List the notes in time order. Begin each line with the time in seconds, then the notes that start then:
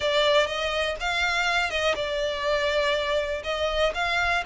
0.00 D5
0.46 D#5
1.00 F5
1.70 D#5
1.95 D5
3.43 D#5
3.94 F5